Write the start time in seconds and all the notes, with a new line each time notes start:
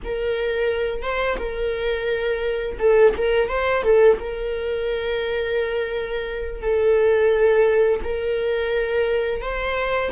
0.04 A#4
1.02 C5
1.38 A#4
2.79 A4
3.17 A#4
3.49 C5
3.83 A4
4.19 A#4
6.61 A4
8.03 A#4
9.41 C5